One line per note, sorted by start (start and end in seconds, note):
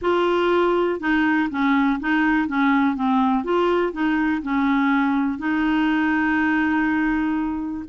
0.01 0.99 F4
0.99 1.49 D#4
1.50 1.99 C#4
2.00 2.47 D#4
2.47 2.95 C#4
2.95 3.44 C4
3.44 3.92 F4
3.92 4.42 D#4
4.42 5.38 C#4
5.38 7.84 D#4